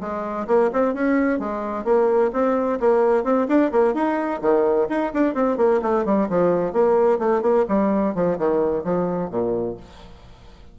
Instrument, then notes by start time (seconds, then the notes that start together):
bassoon
0.00 G#3
0.47 A#3
0.73 C4
0.94 C#4
1.39 G#3
1.84 A#3
2.32 C4
2.80 A#3
3.24 C4
3.48 D4
3.71 A#3
3.94 D#4
4.41 D#3
4.89 D#4
5.14 D4
5.34 C4
5.57 A#3
5.82 A3
6.05 G3
6.29 F3
6.73 A#3
7.19 A3
7.42 A#3
7.68 G3
8.14 F3
8.38 D#3
8.84 F3
9.30 A#2